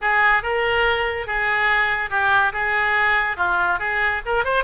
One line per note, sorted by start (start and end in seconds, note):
0.01 0.42 G#4
0.42 1.27 A#4
1.27 2.10 G#4
2.10 2.52 G4
2.52 3.36 G#4
3.36 3.79 F4
3.79 4.21 G#4
4.25 4.44 A#4
4.44 4.64 C5